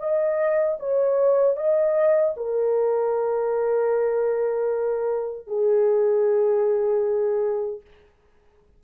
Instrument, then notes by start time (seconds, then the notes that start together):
horn
0.00 D#5
0.80 C#5
1.57 D#5
2.37 A#4
5.48 G#4